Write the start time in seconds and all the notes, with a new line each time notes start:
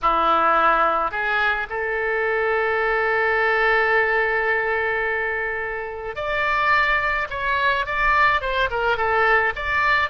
0.02 E4
1.11 G#4
1.69 A4
6.15 D5
7.30 C#5
7.86 D5
8.41 C5
8.70 A#4
8.97 A4
9.55 D5